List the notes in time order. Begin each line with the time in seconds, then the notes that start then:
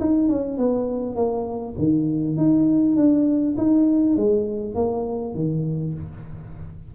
0.00 D#4
0.29 C#4
0.57 B3
1.15 A#3
1.78 D#3
2.37 D#4
2.96 D4
3.57 D#4
4.16 G#3
4.75 A#3
5.34 D#3